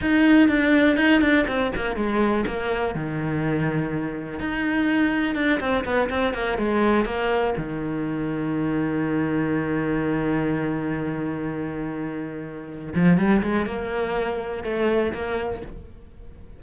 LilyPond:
\new Staff \with { instrumentName = "cello" } { \time 4/4 \tempo 4 = 123 dis'4 d'4 dis'8 d'8 c'8 ais8 | gis4 ais4 dis2~ | dis4 dis'2 d'8 c'8 | b8 c'8 ais8 gis4 ais4 dis8~ |
dis1~ | dis1~ | dis2~ dis8 f8 g8 gis8 | ais2 a4 ais4 | }